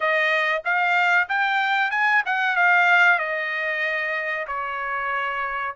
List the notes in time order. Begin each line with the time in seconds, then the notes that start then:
0.00 D#5
0.64 F5
1.29 G5
1.90 G#5
2.25 F#5
2.55 F5
3.18 D#5
4.47 C#5